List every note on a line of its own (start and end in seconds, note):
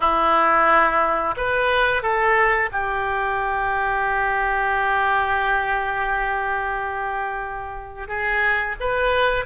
0.00 1.35 E4
1.36 2.02 B4
2.02 2.69 A4
2.72 8.08 G4
8.08 8.75 G#4
8.80 9.45 B4